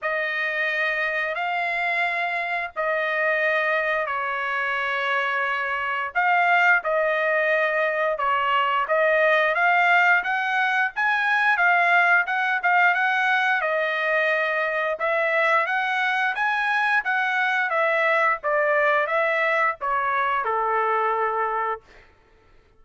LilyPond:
\new Staff \with { instrumentName = "trumpet" } { \time 4/4 \tempo 4 = 88 dis''2 f''2 | dis''2 cis''2~ | cis''4 f''4 dis''2 | cis''4 dis''4 f''4 fis''4 |
gis''4 f''4 fis''8 f''8 fis''4 | dis''2 e''4 fis''4 | gis''4 fis''4 e''4 d''4 | e''4 cis''4 a'2 | }